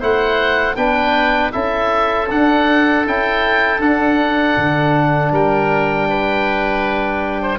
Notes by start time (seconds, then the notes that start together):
0.00 A3 E4 C5 F#5
0.76 B3 D4 B4 G5
1.52 C#4 E4 A4 E5
2.31 D4 F#5
3.06 C#4 E4 G5
3.80 D4 F#5
4.58 D3
5.32 G3 A#4 G5
6.10 B4
7.42 C5